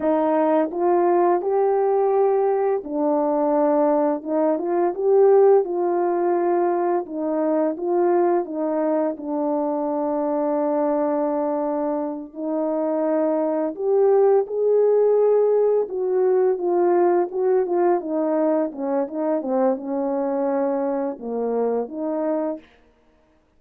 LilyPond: \new Staff \with { instrumentName = "horn" } { \time 4/4 \tempo 4 = 85 dis'4 f'4 g'2 | d'2 dis'8 f'8 g'4 | f'2 dis'4 f'4 | dis'4 d'2.~ |
d'4. dis'2 g'8~ | g'8 gis'2 fis'4 f'8~ | f'8 fis'8 f'8 dis'4 cis'8 dis'8 c'8 | cis'2 ais4 dis'4 | }